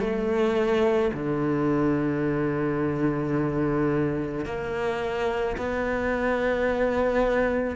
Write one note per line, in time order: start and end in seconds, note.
0.00 1.11 A3
1.13 4.45 D3
4.45 5.57 A#3
5.57 7.76 B3